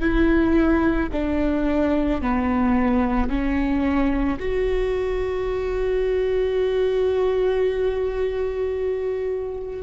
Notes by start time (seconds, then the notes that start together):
0.00 E4
1.12 D4
2.21 B3
3.29 C#4
4.39 F#4